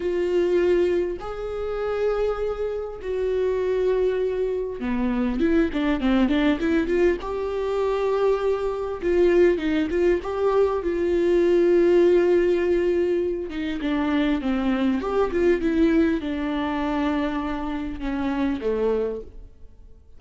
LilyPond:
\new Staff \with { instrumentName = "viola" } { \time 4/4 \tempo 4 = 100 f'2 gis'2~ | gis'4 fis'2. | b4 e'8 d'8 c'8 d'8 e'8 f'8 | g'2. f'4 |
dis'8 f'8 g'4 f'2~ | f'2~ f'8 dis'8 d'4 | c'4 g'8 f'8 e'4 d'4~ | d'2 cis'4 a4 | }